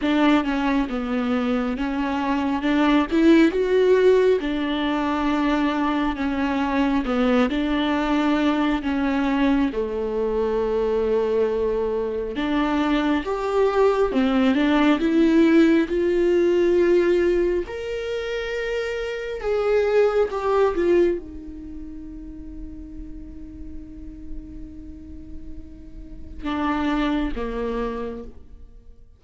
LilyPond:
\new Staff \with { instrumentName = "viola" } { \time 4/4 \tempo 4 = 68 d'8 cis'8 b4 cis'4 d'8 e'8 | fis'4 d'2 cis'4 | b8 d'4. cis'4 a4~ | a2 d'4 g'4 |
c'8 d'8 e'4 f'2 | ais'2 gis'4 g'8 f'8 | dis'1~ | dis'2 d'4 ais4 | }